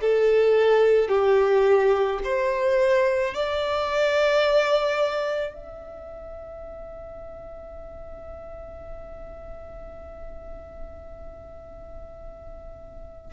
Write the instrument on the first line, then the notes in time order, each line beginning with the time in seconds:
violin
0.00 A4
1.08 G4
2.23 C5
3.34 D5
5.54 E5